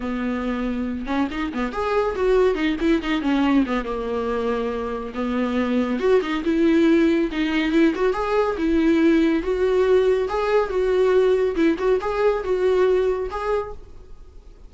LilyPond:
\new Staff \with { instrumentName = "viola" } { \time 4/4 \tempo 4 = 140 b2~ b8 cis'8 dis'8 b8 | gis'4 fis'4 dis'8 e'8 dis'8 cis'8~ | cis'8 b8 ais2. | b2 fis'8 dis'8 e'4~ |
e'4 dis'4 e'8 fis'8 gis'4 | e'2 fis'2 | gis'4 fis'2 e'8 fis'8 | gis'4 fis'2 gis'4 | }